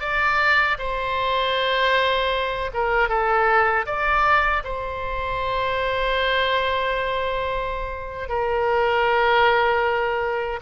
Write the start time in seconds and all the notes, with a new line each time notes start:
0.00 D5
0.78 C5
2.73 A#4
3.08 A4
3.86 D5
4.64 C5
8.29 A#4